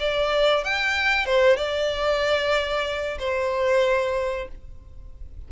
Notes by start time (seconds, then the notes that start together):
0.00 D5
0.64 G5
1.26 C5
1.57 D5
3.19 C5